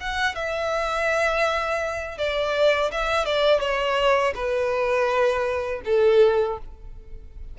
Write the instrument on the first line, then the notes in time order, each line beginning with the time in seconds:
violin
0.00 F#5
0.35 E5
2.18 D5
2.91 E5
3.25 D5
3.60 C#5
4.35 B4
5.85 A4